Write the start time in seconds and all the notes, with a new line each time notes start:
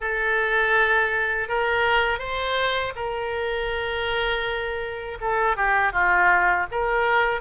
0.00 A4
1.48 A#4
2.19 C5
2.95 A#4
5.21 A4
5.56 G4
5.92 F4
6.71 A#4